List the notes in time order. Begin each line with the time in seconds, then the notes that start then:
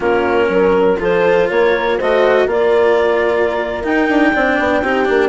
0.00 A#3 C#4 F4 A#4
0.48 F#3 A#4
0.99 F3 F4 A4 C5
1.48 A#3 A#4 C#5
1.97 A3 F#4 C5 D#5
2.46 A#3 F4 A#4 D5
3.83 D#4 G5
4.08 D4
4.32 C4 D4 D5
4.59 B3
4.82 C4 D#4 G4
5.05 A#3 D4